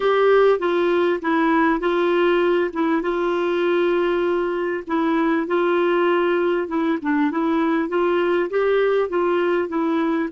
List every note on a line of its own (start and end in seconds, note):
0.00 0.59 G4
0.59 1.20 F4
1.21 1.80 E4
1.80 2.71 F4
2.73 3.02 E4
3.02 4.83 F4
4.87 5.47 E4
5.47 6.67 F4
6.67 6.98 E4
7.01 7.31 D4
7.31 7.88 E4
7.88 8.49 F4
8.50 9.09 G4
9.09 9.68 F4
9.68 10.29 E4